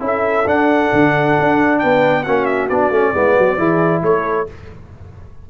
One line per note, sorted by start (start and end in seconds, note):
0.00 0.45 C#4
0.00 0.44 E4
0.00 1.81 A4
0.07 0.48 E5
0.46 0.91 D4
0.46 2.25 D4
0.46 1.79 F#5
0.93 1.37 D3
1.39 1.83 D4
1.79 2.26 B3
1.79 2.23 B4
1.79 2.24 G5
2.23 2.70 A#3
2.23 2.70 C#4
2.23 3.12 F#4
2.23 2.45 F#5
2.45 2.68 E5
2.69 2.90 B3
2.69 2.93 D4
2.69 4.02 D5
2.90 3.12 A3
2.90 3.14 C#4
3.14 3.36 G#3
3.14 3.58 B3
3.14 3.36 E4
3.36 3.58 F#3
3.36 3.57 F#4
3.57 4.02 E3
3.57 4.47 E4
3.57 4.01 G#4
4.02 4.47 A3
4.02 4.50 A4
4.02 4.48 C#5